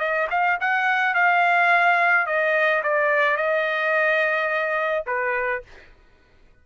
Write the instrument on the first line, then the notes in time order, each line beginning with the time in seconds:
trumpet
0.00 D#5
0.31 F5
0.61 F#5
1.15 F5
2.27 D#5
2.84 D5
3.37 D#5
5.07 B4